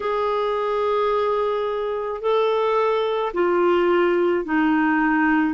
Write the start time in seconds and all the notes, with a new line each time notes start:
0.00 G#4
2.21 A4
3.33 F4
4.44 D#4